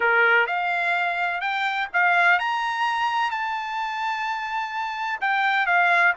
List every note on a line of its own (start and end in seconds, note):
0.00 0.46 A#4
0.46 1.40 F5
1.40 1.87 G5
1.93 2.39 F5
2.39 3.30 A#5
3.30 5.19 A5
5.20 5.66 G5
5.66 6.13 F5